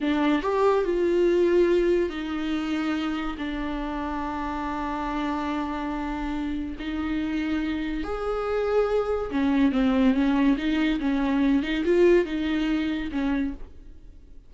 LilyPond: \new Staff \with { instrumentName = "viola" } { \time 4/4 \tempo 4 = 142 d'4 g'4 f'2~ | f'4 dis'2. | d'1~ | d'1 |
dis'2. gis'4~ | gis'2 cis'4 c'4 | cis'4 dis'4 cis'4. dis'8 | f'4 dis'2 cis'4 | }